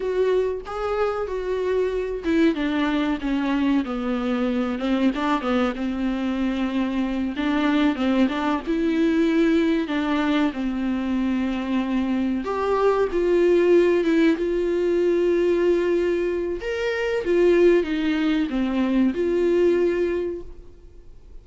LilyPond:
\new Staff \with { instrumentName = "viola" } { \time 4/4 \tempo 4 = 94 fis'4 gis'4 fis'4. e'8 | d'4 cis'4 b4. c'8 | d'8 b8 c'2~ c'8 d'8~ | d'8 c'8 d'8 e'2 d'8~ |
d'8 c'2. g'8~ | g'8 f'4. e'8 f'4.~ | f'2 ais'4 f'4 | dis'4 c'4 f'2 | }